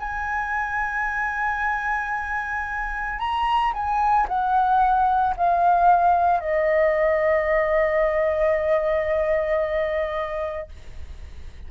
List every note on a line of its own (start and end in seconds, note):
0.00 3.19 G#5
3.19 3.73 A#5
3.74 4.28 G#5
4.29 5.36 F#5
5.37 6.41 F5
6.41 10.69 D#5